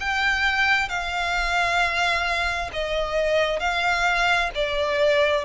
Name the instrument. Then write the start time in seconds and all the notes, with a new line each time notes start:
violin
0.00 G5
0.88 F5
2.72 D#5
3.59 F5
4.55 D5